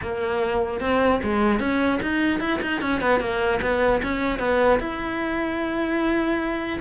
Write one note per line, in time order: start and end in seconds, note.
0.01 0.80 A#3
0.80 1.20 C4
1.23 1.59 G#3
1.59 1.99 C#4
2.01 2.40 D#4
2.40 2.60 E4
2.61 2.81 D#4
2.81 3.00 C#4
3.00 3.19 B3
3.19 3.59 A#3
3.61 4.01 B3
4.03 4.39 C#4
4.39 4.79 B3
4.79 6.79 E4